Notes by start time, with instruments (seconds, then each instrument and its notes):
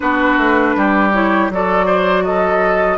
0.00 bassoon B3, clarinet D4, oboe F#4, flute B4
0.37 bassoon A3
0.76 bassoon G3, oboe G4
1.13 clarinet E4, flute C#5
1.49 bassoon F#3, clarinet F#4, oboe A4, flute D5
1.85 oboe C5
2.24 oboe A4, flute D#5